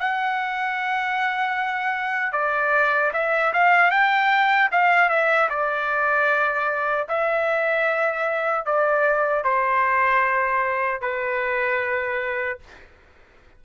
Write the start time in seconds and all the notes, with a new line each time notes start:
0.00 F#5
2.33 D5
3.14 E5
3.53 F5
3.91 G5
4.72 F5
5.10 E5
5.50 D5
7.09 E5
8.66 D5
9.44 C5
11.01 B4